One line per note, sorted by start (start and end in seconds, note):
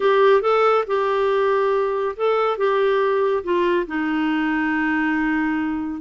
0.00 0.41 G4
0.41 0.84 A4
0.87 2.15 G4
2.16 2.57 A4
2.57 3.43 G4
3.43 3.86 F4
3.86 6.01 D#4